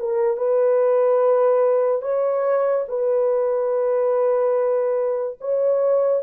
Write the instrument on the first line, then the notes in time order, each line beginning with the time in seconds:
horn
0.00 A#4
0.37 B4
2.02 C#5
2.88 B4
5.41 C#5